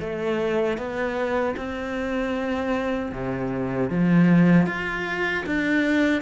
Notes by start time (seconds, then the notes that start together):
0.00 A3
0.78 B3
1.56 C4
3.12 C3
3.90 F3
4.66 F4
5.46 D4